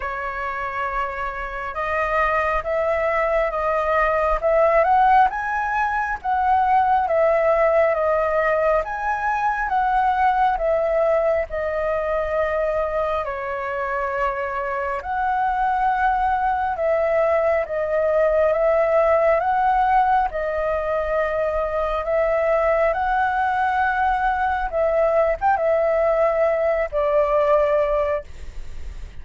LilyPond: \new Staff \with { instrumentName = "flute" } { \time 4/4 \tempo 4 = 68 cis''2 dis''4 e''4 | dis''4 e''8 fis''8 gis''4 fis''4 | e''4 dis''4 gis''4 fis''4 | e''4 dis''2 cis''4~ |
cis''4 fis''2 e''4 | dis''4 e''4 fis''4 dis''4~ | dis''4 e''4 fis''2 | e''8. g''16 e''4. d''4. | }